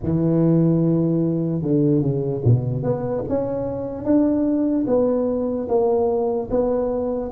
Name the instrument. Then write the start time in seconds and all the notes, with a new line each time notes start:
tuba
0.03 E3
1.61 D3
2.01 C#3
2.44 B2
2.83 B3
3.28 C#4
4.04 D4
4.86 B3
5.68 A#3
6.50 B3